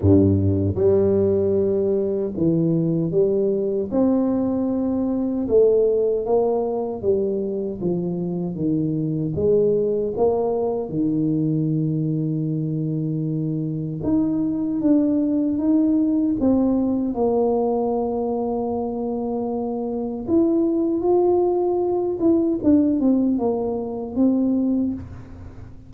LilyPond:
\new Staff \with { instrumentName = "tuba" } { \time 4/4 \tempo 4 = 77 g,4 g2 e4 | g4 c'2 a4 | ais4 g4 f4 dis4 | gis4 ais4 dis2~ |
dis2 dis'4 d'4 | dis'4 c'4 ais2~ | ais2 e'4 f'4~ | f'8 e'8 d'8 c'8 ais4 c'4 | }